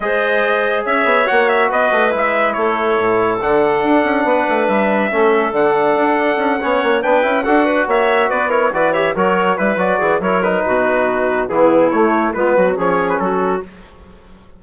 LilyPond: <<
  \new Staff \with { instrumentName = "trumpet" } { \time 4/4 \tempo 4 = 141 dis''2 e''4 fis''8 e''8 | dis''4 e''4 cis''2 | fis''2. e''4~ | e''4 fis''2.~ |
fis''8 g''4 fis''4 e''4 d''8 | cis''8 d''8 e''8 cis''4 b'8 d''4 | cis''8 b'2~ b'8 gis'4 | cis''4 b'4 cis''8. b'16 a'4 | }
  \new Staff \with { instrumentName = "clarinet" } { \time 4/4 c''2 cis''2 | b'2 a'2~ | a'2 b'2 | a'2.~ a'8 cis''8~ |
cis''8 b'4 a'8 b'8 cis''4 b'8 | ais'8 b'8 cis''8 ais'4 b'4 gis'8 | ais'4 fis'2 e'4~ | e'4 f'8 fis'8 gis'4 fis'4 | }
  \new Staff \with { instrumentName = "trombone" } { \time 4/4 gis'2. fis'4~ | fis'4 e'2. | d'1 | cis'4 d'2~ d'8 cis'8~ |
cis'8 d'8 e'8 fis'2~ fis'8 | e'8 fis'8 g'8 fis'4 e'8 fis'4 | e'8 dis'2~ dis'8 b4 | a4 b4 cis'2 | }
  \new Staff \with { instrumentName = "bassoon" } { \time 4/4 gis2 cis'8 b8 ais4 | b8 a8 gis4 a4 a,4 | d4 d'8 cis'8 b8 a8 g4 | a4 d4 d'4 cis'8 b8 |
ais8 b8 cis'8 d'4 ais4 b8~ | b8 e4 fis4 g8 fis8 e8 | fis4 b,2 e4 | a4 gis8 fis8 f4 fis4 | }
>>